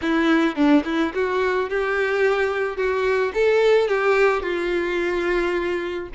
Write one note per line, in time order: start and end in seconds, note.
0.01 0.55 E4
0.55 0.83 D4
0.85 1.12 E4
1.14 1.69 F#4
1.69 2.76 G4
2.76 3.32 F#4
3.33 3.87 A4
3.87 4.42 G4
4.42 6.09 F4